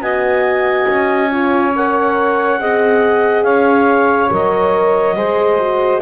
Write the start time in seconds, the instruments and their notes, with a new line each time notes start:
0.00 double bass B3, horn F#4, saxophone D#5, clarinet G#5
0.88 double bass C#4
1.30 horn F4, saxophone C#5
1.75 horn A#4, clarinet F#5
2.58 double bass C4, horn G#4, saxophone D#5
3.43 double bass C#4, saxophone C#5, clarinet F5
4.30 double bass F#3, horn A#4, clarinet D#5
5.16 double bass G#3, horn G#4, saxophone C5
5.59 horn F#4